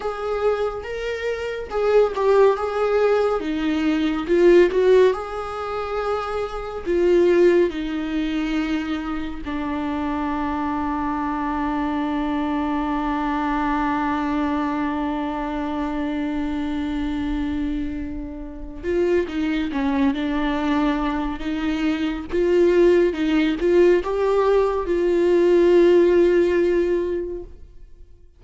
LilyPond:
\new Staff \with { instrumentName = "viola" } { \time 4/4 \tempo 4 = 70 gis'4 ais'4 gis'8 g'8 gis'4 | dis'4 f'8 fis'8 gis'2 | f'4 dis'2 d'4~ | d'1~ |
d'1~ | d'2 f'8 dis'8 cis'8 d'8~ | d'4 dis'4 f'4 dis'8 f'8 | g'4 f'2. | }